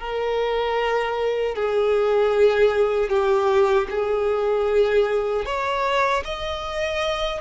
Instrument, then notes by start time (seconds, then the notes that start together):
violin
0.00 A#4
1.55 G#4
3.09 G4
3.90 G#4
5.45 C#5
6.24 D#5